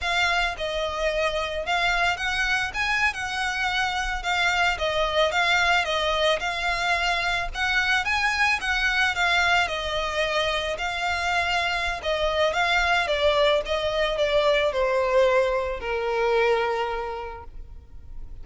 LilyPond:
\new Staff \with { instrumentName = "violin" } { \time 4/4 \tempo 4 = 110 f''4 dis''2 f''4 | fis''4 gis''8. fis''2 f''16~ | f''8. dis''4 f''4 dis''4 f''16~ | f''4.~ f''16 fis''4 gis''4 fis''16~ |
fis''8. f''4 dis''2 f''16~ | f''2 dis''4 f''4 | d''4 dis''4 d''4 c''4~ | c''4 ais'2. | }